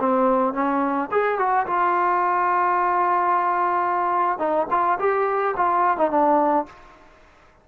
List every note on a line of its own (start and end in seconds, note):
0.00 0.54 C4
0.54 1.10 C#4
1.12 1.39 G#4
1.39 1.67 F#4
1.67 4.39 F4
4.39 4.67 D#4
4.71 4.99 F4
5.00 5.55 G4
5.57 5.98 F4
5.98 6.11 D#4
6.11 6.66 D4